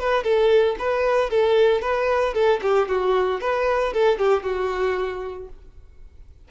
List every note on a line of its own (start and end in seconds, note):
0.00 0.24 B4
0.24 0.76 A4
0.79 1.30 B4
1.30 1.82 A4
1.82 2.34 B4
2.34 2.61 A4
2.62 2.89 G4
2.89 3.41 F#4
3.41 3.94 B4
3.94 4.19 A4
4.19 4.43 G4
4.43 5.49 F#4